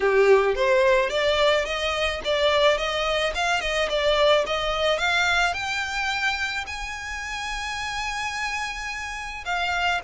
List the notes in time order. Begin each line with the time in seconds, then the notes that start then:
0.00 G4
0.55 C5
1.09 D5
1.65 D#5
2.24 D5
2.77 D#5
3.34 F5
3.61 D#5
3.89 D5
4.46 D#5
4.98 F5
5.53 G5
6.66 G#5
9.45 F5